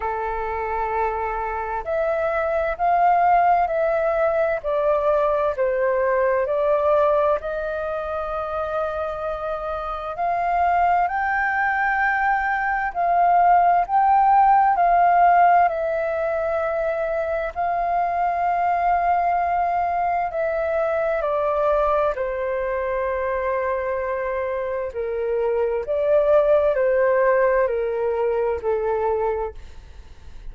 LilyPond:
\new Staff \with { instrumentName = "flute" } { \time 4/4 \tempo 4 = 65 a'2 e''4 f''4 | e''4 d''4 c''4 d''4 | dis''2. f''4 | g''2 f''4 g''4 |
f''4 e''2 f''4~ | f''2 e''4 d''4 | c''2. ais'4 | d''4 c''4 ais'4 a'4 | }